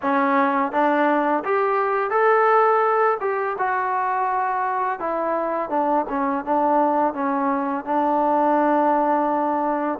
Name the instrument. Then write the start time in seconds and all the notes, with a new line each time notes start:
trombone
0.02 C#4
0.72 D4
1.44 G4
2.10 A4
3.20 G4
3.58 F#4
4.99 E4
5.69 D4
6.09 C#4
6.44 D4
7.13 C#4
7.84 D4